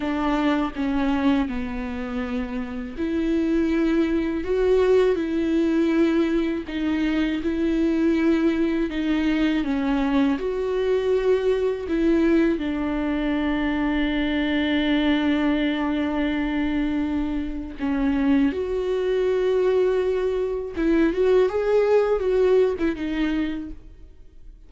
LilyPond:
\new Staff \with { instrumentName = "viola" } { \time 4/4 \tempo 4 = 81 d'4 cis'4 b2 | e'2 fis'4 e'4~ | e'4 dis'4 e'2 | dis'4 cis'4 fis'2 |
e'4 d'2.~ | d'1 | cis'4 fis'2. | e'8 fis'8 gis'4 fis'8. e'16 dis'4 | }